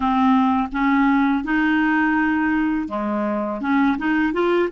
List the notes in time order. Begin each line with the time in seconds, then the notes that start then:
0.00 C4
0.72 C#4
1.44 D#4
2.88 G#3
3.60 C#4
3.98 D#4
4.33 F4